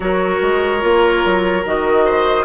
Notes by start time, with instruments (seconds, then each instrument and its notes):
0.00 bassoon F#3, clarinet F#4, oboe A#4, flute C#5
0.42 bassoon G#3
0.80 bassoon A#3, clarinet F4
1.25 bassoon F#3
1.65 bassoon D#3, clarinet F#4, flute D#5
2.05 oboe C5